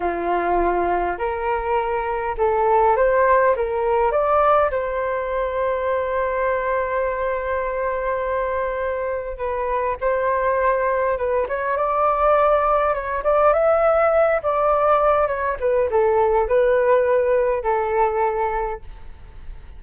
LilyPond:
\new Staff \with { instrumentName = "flute" } { \time 4/4 \tempo 4 = 102 f'2 ais'2 | a'4 c''4 ais'4 d''4 | c''1~ | c''1 |
b'4 c''2 b'8 cis''8 | d''2 cis''8 d''8 e''4~ | e''8 d''4. cis''8 b'8 a'4 | b'2 a'2 | }